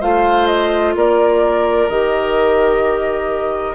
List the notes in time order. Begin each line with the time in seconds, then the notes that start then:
0.00 A3 F4 C5 F5
0.47 D#5
0.96 A#3 A#4 D5
1.88 D#3 G4 D#5